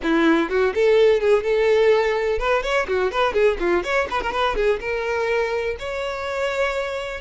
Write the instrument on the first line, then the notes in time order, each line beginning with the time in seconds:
violin
0.02 E4
0.49 F#4
0.74 A4
1.20 G#4
1.43 A4
2.39 B4
2.63 C#5
2.87 F#4
3.11 B4
3.33 G#4
3.59 F4
3.83 C#5
4.10 B4
4.21 A#4
4.32 B4
4.55 G#4
4.80 A#4
5.79 C#5